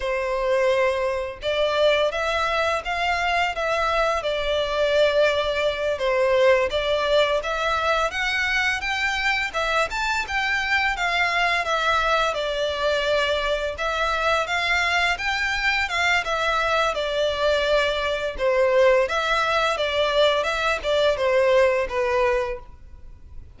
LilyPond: \new Staff \with { instrumentName = "violin" } { \time 4/4 \tempo 4 = 85 c''2 d''4 e''4 | f''4 e''4 d''2~ | d''8 c''4 d''4 e''4 fis''8~ | fis''8 g''4 e''8 a''8 g''4 f''8~ |
f''8 e''4 d''2 e''8~ | e''8 f''4 g''4 f''8 e''4 | d''2 c''4 e''4 | d''4 e''8 d''8 c''4 b'4 | }